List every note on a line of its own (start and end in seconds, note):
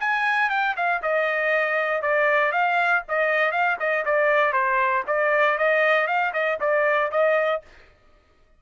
0.00 0.50 G#5
0.50 0.75 G5
0.76 1.02 F5
1.02 2.02 D#5
2.02 2.52 D5
2.52 3.03 F5
3.09 3.52 D#5
3.52 3.77 F5
3.80 4.05 D#5
4.05 4.53 D5
4.53 5.04 C5
5.07 5.58 D5
5.58 6.07 D#5
6.07 6.33 F5
6.33 6.58 D#5
6.60 7.11 D5
7.11 7.62 D#5